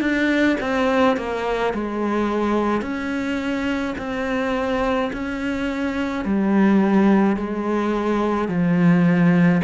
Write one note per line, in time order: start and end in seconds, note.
0.00 0.57 D4
0.60 1.16 C4
1.16 1.73 A#3
1.73 2.81 G#3
2.81 3.94 C#4
3.98 5.11 C4
5.13 6.24 C#4
6.24 7.36 G3
7.36 8.48 G#3
8.48 9.61 F3